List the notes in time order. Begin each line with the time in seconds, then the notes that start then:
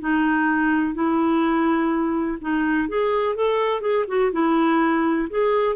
0.00 D#4
0.94 E4
2.41 D#4
2.89 G#4
3.35 A4
3.81 G#4
4.08 F#4
4.32 E4
5.30 G#4